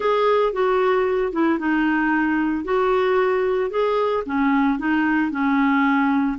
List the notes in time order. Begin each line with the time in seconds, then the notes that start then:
0.00 G#4
0.52 F#4
1.32 E4
1.58 D#4
2.64 F#4
3.70 G#4
4.26 C#4
4.79 D#4
5.31 C#4